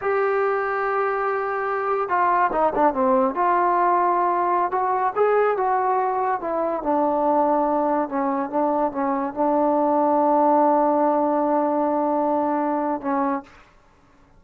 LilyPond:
\new Staff \with { instrumentName = "trombone" } { \time 4/4 \tempo 4 = 143 g'1~ | g'4 f'4 dis'8 d'8 c'4 | f'2.~ f'16 fis'8.~ | fis'16 gis'4 fis'2 e'8.~ |
e'16 d'2. cis'8.~ | cis'16 d'4 cis'4 d'4.~ d'16~ | d'1~ | d'2. cis'4 | }